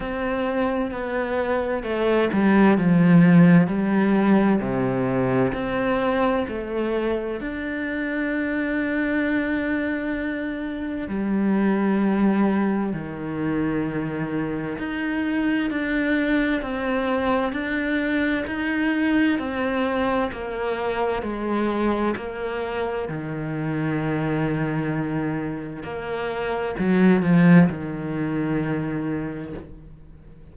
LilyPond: \new Staff \with { instrumentName = "cello" } { \time 4/4 \tempo 4 = 65 c'4 b4 a8 g8 f4 | g4 c4 c'4 a4 | d'1 | g2 dis2 |
dis'4 d'4 c'4 d'4 | dis'4 c'4 ais4 gis4 | ais4 dis2. | ais4 fis8 f8 dis2 | }